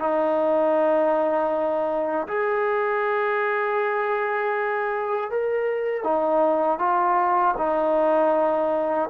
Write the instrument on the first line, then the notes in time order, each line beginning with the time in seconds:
trombone
0.00 D#4
2.28 G#4
5.31 A#4
6.04 D#4
6.79 F4
7.58 D#4